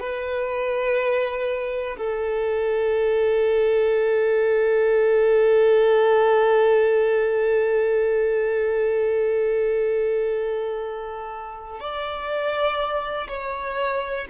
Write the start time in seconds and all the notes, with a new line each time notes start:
0.00 B4
1.98 A4
11.80 D5
13.28 C#5